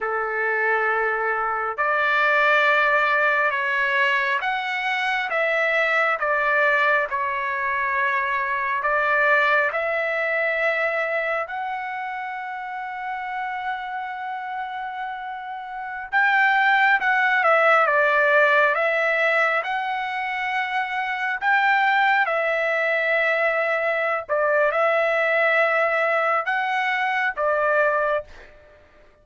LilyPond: \new Staff \with { instrumentName = "trumpet" } { \time 4/4 \tempo 4 = 68 a'2 d''2 | cis''4 fis''4 e''4 d''4 | cis''2 d''4 e''4~ | e''4 fis''2.~ |
fis''2~ fis''16 g''4 fis''8 e''16~ | e''16 d''4 e''4 fis''4.~ fis''16~ | fis''16 g''4 e''2~ e''16 d''8 | e''2 fis''4 d''4 | }